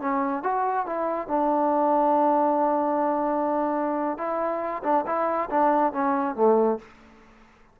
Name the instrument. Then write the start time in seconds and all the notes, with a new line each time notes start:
trombone
0.00 C#4
0.43 F#4
0.86 E4
1.27 D4
4.18 E4
4.83 D4
5.06 E4
5.50 D4
5.92 C#4
6.35 A3